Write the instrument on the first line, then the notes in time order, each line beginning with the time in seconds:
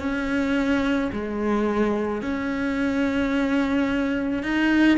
cello
0.00 C#4
1.13 G#3
2.22 C#4
4.44 D#4